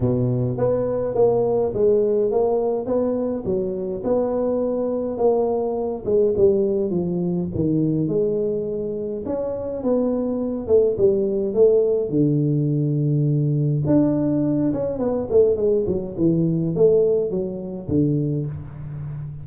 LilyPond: \new Staff \with { instrumentName = "tuba" } { \time 4/4 \tempo 4 = 104 b,4 b4 ais4 gis4 | ais4 b4 fis4 b4~ | b4 ais4. gis8 g4 | f4 dis4 gis2 |
cis'4 b4. a8 g4 | a4 d2. | d'4. cis'8 b8 a8 gis8 fis8 | e4 a4 fis4 d4 | }